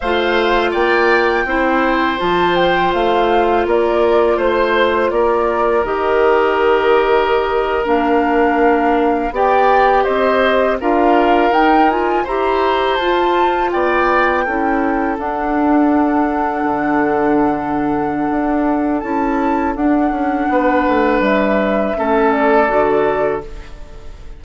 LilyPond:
<<
  \new Staff \with { instrumentName = "flute" } { \time 4/4 \tempo 4 = 82 f''4 g''2 a''8 g''8 | f''4 d''4 c''4 d''4 | dis''2~ dis''8. f''4~ f''16~ | f''8. g''4 dis''4 f''4 g''16~ |
g''16 gis''8 ais''4 a''4 g''4~ g''16~ | g''8. fis''2.~ fis''16~ | fis''2 a''4 fis''4~ | fis''4 e''4. d''4. | }
  \new Staff \with { instrumentName = "oboe" } { \time 4/4 c''4 d''4 c''2~ | c''4 ais'4 c''4 ais'4~ | ais'1~ | ais'8. d''4 c''4 ais'4~ ais'16~ |
ais'8. c''2 d''4 a'16~ | a'1~ | a'1 | b'2 a'2 | }
  \new Staff \with { instrumentName = "clarinet" } { \time 4/4 f'2 e'4 f'4~ | f'1 | g'2~ g'8. d'4~ d'16~ | d'8. g'2 f'4 dis'16~ |
dis'16 f'8 g'4 f'2 e'16~ | e'8. d'2.~ d'16~ | d'2 e'4 d'4~ | d'2 cis'4 fis'4 | }
  \new Staff \with { instrumentName = "bassoon" } { \time 4/4 a4 ais4 c'4 f4 | a4 ais4 a4 ais4 | dis2~ dis8. ais4~ ais16~ | ais8. b4 c'4 d'4 dis'16~ |
dis'8. e'4 f'4 b4 cis'16~ | cis'8. d'2 d4~ d16~ | d4 d'4 cis'4 d'8 cis'8 | b8 a8 g4 a4 d4 | }
>>